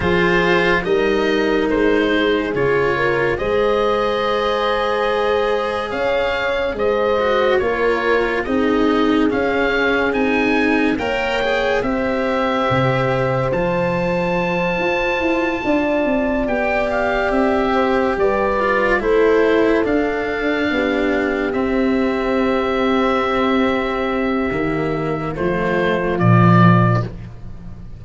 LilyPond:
<<
  \new Staff \with { instrumentName = "oboe" } { \time 4/4 \tempo 4 = 71 c''4 dis''4 c''4 cis''4 | dis''2. f''4 | dis''4 cis''4 dis''4 f''4 | gis''4 g''4 e''2 |
a''2.~ a''8 g''8 | f''8 e''4 d''4 c''4 f''8~ | f''4. e''2~ e''8~ | e''2 c''4 d''4 | }
  \new Staff \with { instrumentName = "horn" } { \time 4/4 gis'4 ais'4. gis'4 ais'8 | c''2. cis''4 | c''4 ais'4 gis'2~ | gis'4 cis''4 c''2~ |
c''2~ c''8 d''4.~ | d''4 c''8 b'4 a'4.~ | a'8 g'2.~ g'8~ | g'2 f'2 | }
  \new Staff \with { instrumentName = "cello" } { \time 4/4 f'4 dis'2 f'4 | gis'1~ | gis'8 fis'8 f'4 dis'4 cis'4 | dis'4 ais'8 gis'8 g'2 |
f'2.~ f'8 g'8~ | g'2 f'8 e'4 d'8~ | d'4. c'2~ c'8~ | c'4 ais4 a4 f4 | }
  \new Staff \with { instrumentName = "tuba" } { \time 4/4 f4 g4 gis4 cis4 | gis2. cis'4 | gis4 ais4 c'4 cis'4 | c'4 ais4 c'4 c4 |
f4. f'8 e'8 d'8 c'8 b8~ | b8 c'4 g4 a4 d'8~ | d'8 b4 c'2~ c'8~ | c'4 dis4 f4 ais,4 | }
>>